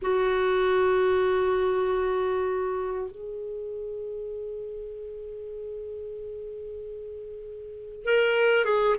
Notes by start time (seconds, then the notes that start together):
0.02 F#4
3.11 G#4
8.04 A#4
8.64 G#4